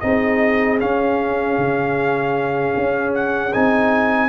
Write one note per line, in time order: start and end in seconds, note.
0.00 0.81 C4
0.00 0.79 D#4
0.00 4.29 G#4
0.00 0.78 D#5
0.79 3.52 C#4
0.79 1.57 C#4
0.79 3.13 F5
1.57 2.74 C#3
2.76 3.54 C#4
3.14 3.53 F#5
3.53 4.29 C4
3.53 4.29 D#4
3.53 4.29 G#5